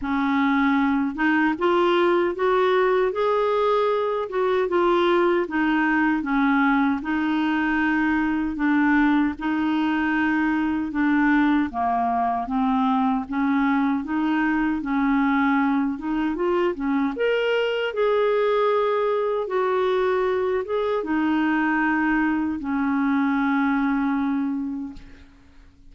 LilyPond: \new Staff \with { instrumentName = "clarinet" } { \time 4/4 \tempo 4 = 77 cis'4. dis'8 f'4 fis'4 | gis'4. fis'8 f'4 dis'4 | cis'4 dis'2 d'4 | dis'2 d'4 ais4 |
c'4 cis'4 dis'4 cis'4~ | cis'8 dis'8 f'8 cis'8 ais'4 gis'4~ | gis'4 fis'4. gis'8 dis'4~ | dis'4 cis'2. | }